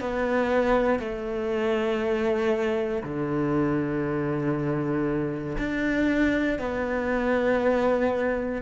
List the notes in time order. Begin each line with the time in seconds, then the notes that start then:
0.00 B3
0.99 A3
3.03 D3
5.58 D4
6.59 B3